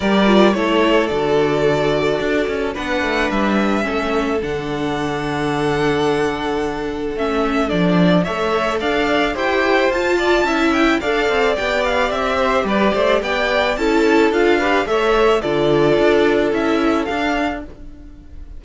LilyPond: <<
  \new Staff \with { instrumentName = "violin" } { \time 4/4 \tempo 4 = 109 d''4 cis''4 d''2~ | d''4 fis''4 e''2 | fis''1~ | fis''4 e''4 d''4 e''4 |
f''4 g''4 a''4. g''8 | f''4 g''8 f''8 e''4 d''4 | g''4 a''4 f''4 e''4 | d''2 e''4 f''4 | }
  \new Staff \with { instrumentName = "violin" } { \time 4/4 ais'4 a'2.~ | a'4 b'2 a'4~ | a'1~ | a'2. cis''4 |
d''4 c''4. d''8 e''4 | d''2~ d''8 c''8 b'8 c''8 | d''4 a'4. b'8 cis''4 | a'1 | }
  \new Staff \with { instrumentName = "viola" } { \time 4/4 g'8 f'8 e'4 fis'2~ | fis'4 d'2 cis'4 | d'1~ | d'4 cis'4 d'4 a'4~ |
a'4 g'4 f'4 e'4 | a'4 g'2.~ | g'4 e'4 f'8 g'8 a'4 | f'2 e'4 d'4 | }
  \new Staff \with { instrumentName = "cello" } { \time 4/4 g4 a4 d2 | d'8 cis'8 b8 a8 g4 a4 | d1~ | d4 a4 f4 a4 |
d'4 e'4 f'4 cis'4 | d'8 c'8 b4 c'4 g8 a8 | b4 cis'4 d'4 a4 | d4 d'4 cis'4 d'4 | }
>>